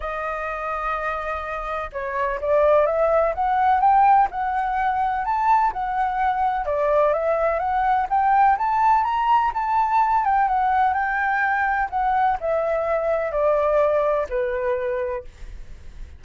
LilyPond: \new Staff \with { instrumentName = "flute" } { \time 4/4 \tempo 4 = 126 dis''1 | cis''4 d''4 e''4 fis''4 | g''4 fis''2 a''4 | fis''2 d''4 e''4 |
fis''4 g''4 a''4 ais''4 | a''4. g''8 fis''4 g''4~ | g''4 fis''4 e''2 | d''2 b'2 | }